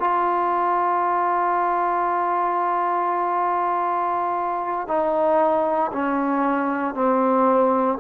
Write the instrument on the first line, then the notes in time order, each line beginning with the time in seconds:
trombone
0.00 F4
4.88 D#4
5.92 C#4
6.95 C4